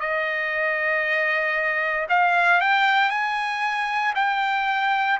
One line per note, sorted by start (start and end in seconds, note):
0.00 2.07 D#5
2.09 2.61 F5
2.61 3.10 G5
3.10 4.13 G#5
4.15 5.19 G5